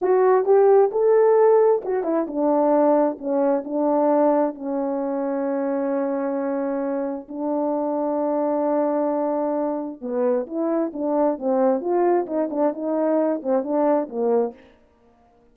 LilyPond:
\new Staff \with { instrumentName = "horn" } { \time 4/4 \tempo 4 = 132 fis'4 g'4 a'2 | fis'8 e'8 d'2 cis'4 | d'2 cis'2~ | cis'1 |
d'1~ | d'2 b4 e'4 | d'4 c'4 f'4 dis'8 d'8 | dis'4. c'8 d'4 ais4 | }